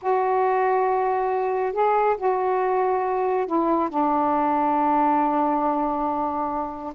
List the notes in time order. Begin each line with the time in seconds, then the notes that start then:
0.02 F#4
1.73 G#4
2.17 F#4
3.46 E4
3.89 D4